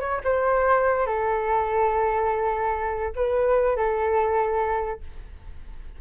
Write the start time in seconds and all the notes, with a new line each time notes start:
0.00 C#5
0.23 C5
1.06 A4
3.15 B4
3.76 A4